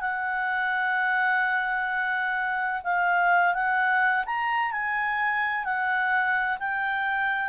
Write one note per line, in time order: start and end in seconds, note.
0.00 2.81 F#5
2.83 3.54 F5
3.54 4.24 F#5
4.25 4.71 A#5
4.71 5.64 G#5
5.64 6.58 F#5
6.59 7.49 G5